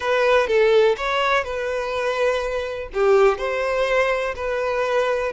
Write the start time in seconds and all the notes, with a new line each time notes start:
0.00 B4
0.47 A4
0.97 C#5
1.44 B4
2.93 G4
3.38 C5
4.35 B4